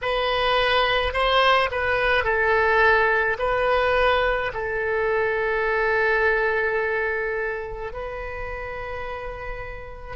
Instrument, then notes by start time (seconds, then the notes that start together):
oboe
0.01 B4
1.13 C5
1.71 B4
2.24 A4
3.38 B4
4.53 A4
7.92 B4